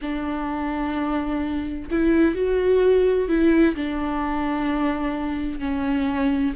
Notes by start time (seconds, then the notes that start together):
0.01 D4
1.90 E4
2.34 F#4
3.28 E4
3.75 D4
5.59 C#4